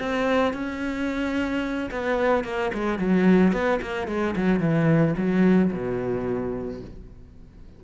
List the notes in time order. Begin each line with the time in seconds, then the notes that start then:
0.00 C4
0.53 C#4
1.91 B3
2.44 A#3
2.74 G#3
2.99 F#3
3.53 B3
3.82 A#3
4.08 G#3
4.36 F#3
4.60 E3
5.17 F#3
5.72 B2